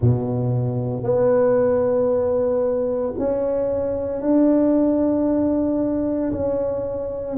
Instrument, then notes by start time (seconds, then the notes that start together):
tuba
0.01 B2
1.02 B3
3.18 C#4
4.21 D4
6.32 C#4